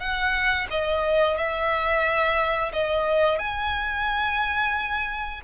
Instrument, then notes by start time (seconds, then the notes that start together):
violin
0.00 F#5
0.70 D#5
1.38 E5
2.73 D#5
3.39 G#5